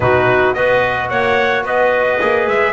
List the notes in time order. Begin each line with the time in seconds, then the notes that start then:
0.00 B2 D#4 F#4 B4
0.54 B3 F#4 B4 D#5
1.09 A#3 C#5 F#5
1.63 B3 B4 D#5
2.20 A#3 G#4
2.47 G#3 E5